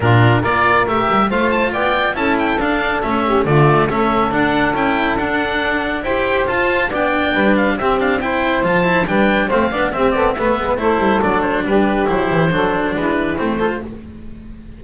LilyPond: <<
  \new Staff \with { instrumentName = "oboe" } { \time 4/4 \tempo 4 = 139 ais'4 d''4 e''4 f''8 a''8 | g''4 a''8 g''8 f''4 e''4 | d''4 e''4 fis''4 g''4 | fis''2 g''4 a''4 |
g''4. f''8 e''8 f''8 g''4 | a''4 g''4 f''4 e''8 d''8 | e''4 c''4 d''8 c''8 b'4 | c''2 b'4 c''4 | }
  \new Staff \with { instrumentName = "saxophone" } { \time 4/4 f'4 ais'2 c''4 | d''4 a'2~ a'8 g'8 | f'4 a'2.~ | a'2 c''2 |
d''4 b'4 g'4 c''4~ | c''4 b'4 c''8 d''8 g'8 a'8 | b'4 a'2 g'4~ | g'4 a'4 e'4. a'8 | }
  \new Staff \with { instrumentName = "cello" } { \time 4/4 d'4 f'4 g'4 f'4~ | f'4 e'4 d'4 cis'4 | a4 cis'4 d'4 e'4 | d'2 g'4 f'4 |
d'2 c'8 d'8 e'4 | f'8 e'8 d'4 c'8 d'8 c'4 | b4 e'4 d'2 | e'4 d'2 c'8 f'8 | }
  \new Staff \with { instrumentName = "double bass" } { \time 4/4 ais,4 ais4 a8 g8 a4 | b4 cis'4 d'4 a4 | d4 a4 d'4 cis'4 | d'2 e'4 f'4 |
b4 g4 c'2 | f4 g4 a8 b8 c'8 b8 | a8 gis8 a8 g8 fis4 g4 | fis8 e8 fis4 gis4 a4 | }
>>